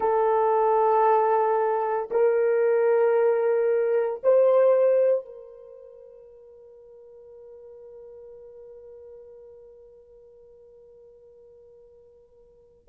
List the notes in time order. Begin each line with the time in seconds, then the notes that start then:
0.00 A4
2.11 A#4
4.23 C5
5.25 A#4